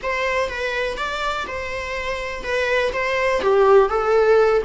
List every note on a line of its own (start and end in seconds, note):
0.02 0.49 C5
0.49 0.97 B4
0.97 1.46 D5
1.47 2.43 C5
2.43 2.92 B4
2.92 3.41 C5
3.42 3.89 G4
3.89 4.62 A4